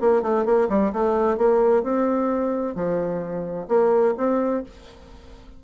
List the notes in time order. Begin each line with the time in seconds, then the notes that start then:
0.00 A#3
0.22 A3
0.45 A#3
0.69 G3
0.92 A3
1.37 A#3
1.83 C4
2.75 F3
3.68 A#3
4.17 C4